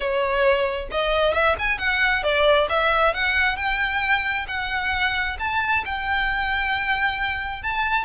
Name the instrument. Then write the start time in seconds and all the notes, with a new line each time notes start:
violin
0.00 C#5
0.91 D#5
1.33 E5
1.59 G#5
1.78 F#5
2.23 D5
2.69 E5
3.14 F#5
3.56 G5
4.47 F#5
5.39 A5
5.85 G5
7.62 A5